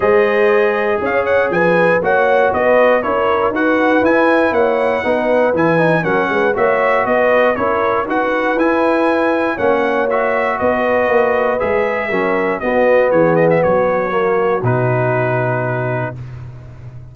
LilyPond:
<<
  \new Staff \with { instrumentName = "trumpet" } { \time 4/4 \tempo 4 = 119 dis''2 f''8 fis''8 gis''4 | fis''4 dis''4 cis''4 fis''4 | gis''4 fis''2 gis''4 | fis''4 e''4 dis''4 cis''4 |
fis''4 gis''2 fis''4 | e''4 dis''2 e''4~ | e''4 dis''4 cis''8 dis''16 e''16 cis''4~ | cis''4 b'2. | }
  \new Staff \with { instrumentName = "horn" } { \time 4/4 c''2 cis''4 b'4 | cis''4 b'4 ais'4 b'4~ | b'4 cis''4 b'2 | ais'8 b'8 cis''4 b'4 ais'4 |
b'2. cis''4~ | cis''4 b'2. | ais'4 fis'4 gis'4 fis'4~ | fis'1 | }
  \new Staff \with { instrumentName = "trombone" } { \time 4/4 gis'1 | fis'2 e'4 fis'4 | e'2 dis'4 e'8 dis'8 | cis'4 fis'2 e'4 |
fis'4 e'2 cis'4 | fis'2. gis'4 | cis'4 b2. | ais4 dis'2. | }
  \new Staff \with { instrumentName = "tuba" } { \time 4/4 gis2 cis'4 f4 | ais4 b4 cis'4 dis'4 | e'4 ais4 b4 e4 | fis8 gis8 ais4 b4 cis'4 |
dis'4 e'2 ais4~ | ais4 b4 ais4 gis4 | fis4 b4 e4 fis4~ | fis4 b,2. | }
>>